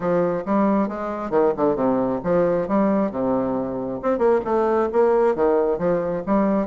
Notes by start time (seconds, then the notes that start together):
0.00 F3
0.45 G3
0.88 G#3
1.30 D#3
1.56 D3
1.75 C3
2.23 F3
2.68 G3
3.11 C3
4.02 C4
4.18 A#3
4.44 A3
4.92 A#3
5.35 D#3
5.78 F3
6.26 G3